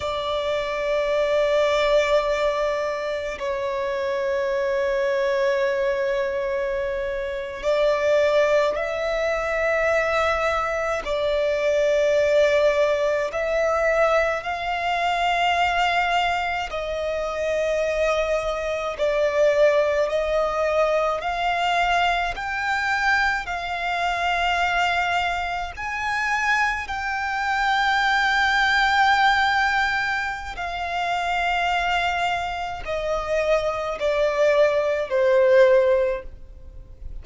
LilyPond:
\new Staff \with { instrumentName = "violin" } { \time 4/4 \tempo 4 = 53 d''2. cis''4~ | cis''2~ cis''8. d''4 e''16~ | e''4.~ e''16 d''2 e''16~ | e''8. f''2 dis''4~ dis''16~ |
dis''8. d''4 dis''4 f''4 g''16~ | g''8. f''2 gis''4 g''16~ | g''2. f''4~ | f''4 dis''4 d''4 c''4 | }